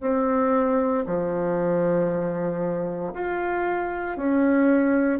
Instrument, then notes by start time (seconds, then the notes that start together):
bassoon
0.00 C4
1.06 F3
3.13 F4
4.17 C#4